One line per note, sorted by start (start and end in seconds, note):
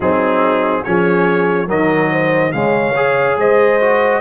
0.00 0.83 F#3
0.00 0.85 C4
0.00 0.83 D#4
0.00 0.83 G#4
0.83 1.69 F3
0.83 1.67 C#4
0.83 1.67 G#4
0.83 1.68 C#5
1.67 2.53 D#3
1.67 2.51 F#3
1.67 2.09 A#4
1.67 2.52 D#5
2.11 2.53 C5
2.52 3.37 C#3
2.52 2.94 G#3
2.52 3.39 C#5
2.52 3.36 F5
2.95 3.80 G#4
3.37 4.20 G#3
3.37 4.20 C5
3.37 4.20 D#5
3.80 4.20 F#4